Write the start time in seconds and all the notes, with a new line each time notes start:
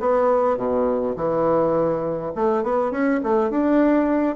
0.00 B3
0.57 B2
1.16 E3
2.35 A3
2.63 B3
2.91 C#4
3.23 A3
3.50 D4